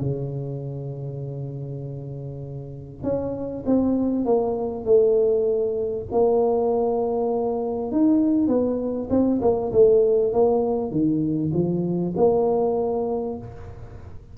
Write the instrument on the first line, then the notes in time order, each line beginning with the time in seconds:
tuba
0.00 C#3
3.03 C#4
3.66 C4
4.25 A#3
4.85 A3
6.11 A#3
7.91 D#4
8.48 B3
9.10 C4
9.42 A#3
9.72 A3
10.33 A#3
10.91 D#3
11.53 F3
12.16 A#3